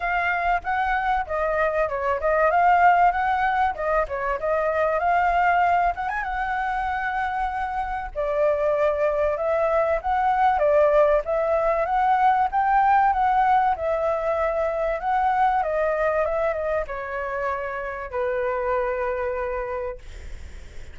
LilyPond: \new Staff \with { instrumentName = "flute" } { \time 4/4 \tempo 4 = 96 f''4 fis''4 dis''4 cis''8 dis''8 | f''4 fis''4 dis''8 cis''8 dis''4 | f''4. fis''16 gis''16 fis''2~ | fis''4 d''2 e''4 |
fis''4 d''4 e''4 fis''4 | g''4 fis''4 e''2 | fis''4 dis''4 e''8 dis''8 cis''4~ | cis''4 b'2. | }